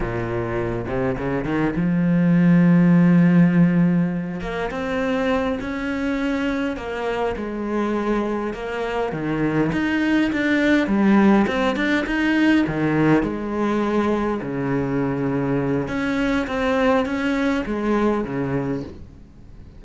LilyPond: \new Staff \with { instrumentName = "cello" } { \time 4/4 \tempo 4 = 102 ais,4. c8 cis8 dis8 f4~ | f2.~ f8 ais8 | c'4. cis'2 ais8~ | ais8 gis2 ais4 dis8~ |
dis8 dis'4 d'4 g4 c'8 | d'8 dis'4 dis4 gis4.~ | gis8 cis2~ cis8 cis'4 | c'4 cis'4 gis4 cis4 | }